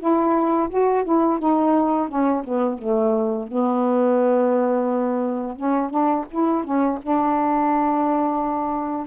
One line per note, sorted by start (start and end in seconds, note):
0.00 0.70 E4
0.70 1.05 F#4
1.05 1.40 E4
1.40 2.09 D#4
2.09 2.44 C#4
2.44 2.79 B3
2.79 3.48 A3
3.48 5.57 B3
5.57 5.91 C#4
5.91 6.26 D4
6.31 6.65 E4
6.65 7.00 C#4
7.03 9.07 D4